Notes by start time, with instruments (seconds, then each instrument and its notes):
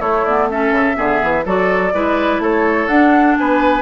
0.00 bassoon A3, clarinet A3, oboe E4, flute C#5
0.25 clarinet B3, flute D5
0.50 clarinet C#4, oboe A4, flute E5
0.73 bassoon C#3
0.95 bassoon D3, clarinet B3, oboe G#4
1.23 bassoon E3
1.46 bassoon F#3, clarinet F#4, oboe A4, flute D5
1.94 bassoon G#3, clarinet E4, oboe B4
2.39 bassoon A3, oboe A4, flute C#5
2.88 bassoon D4, clarinet D4, flute F#5
3.37 bassoon B3, oboe B4, flute G#5